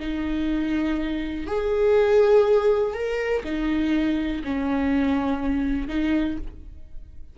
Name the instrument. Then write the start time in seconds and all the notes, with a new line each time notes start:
viola
0.00 D#4
1.47 G#4
2.94 A#4
3.44 D#4
4.44 C#4
5.88 D#4